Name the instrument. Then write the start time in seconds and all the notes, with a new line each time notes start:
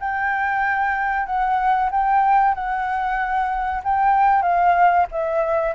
flute
0.00 G5
1.26 F#5
1.91 G5
2.55 F#5
3.84 G5
4.43 F5
5.12 E5